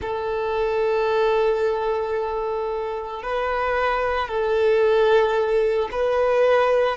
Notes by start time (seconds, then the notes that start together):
0.01 A4
3.22 B4
4.28 A4
5.91 B4